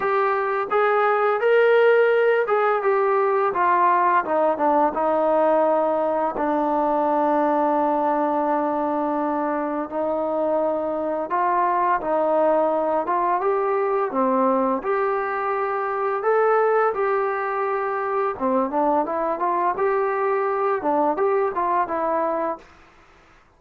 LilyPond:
\new Staff \with { instrumentName = "trombone" } { \time 4/4 \tempo 4 = 85 g'4 gis'4 ais'4. gis'8 | g'4 f'4 dis'8 d'8 dis'4~ | dis'4 d'2.~ | d'2 dis'2 |
f'4 dis'4. f'8 g'4 | c'4 g'2 a'4 | g'2 c'8 d'8 e'8 f'8 | g'4. d'8 g'8 f'8 e'4 | }